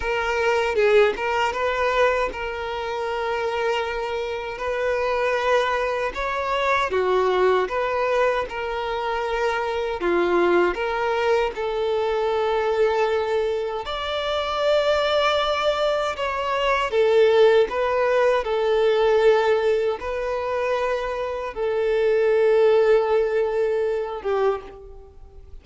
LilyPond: \new Staff \with { instrumentName = "violin" } { \time 4/4 \tempo 4 = 78 ais'4 gis'8 ais'8 b'4 ais'4~ | ais'2 b'2 | cis''4 fis'4 b'4 ais'4~ | ais'4 f'4 ais'4 a'4~ |
a'2 d''2~ | d''4 cis''4 a'4 b'4 | a'2 b'2 | a'2.~ a'8 g'8 | }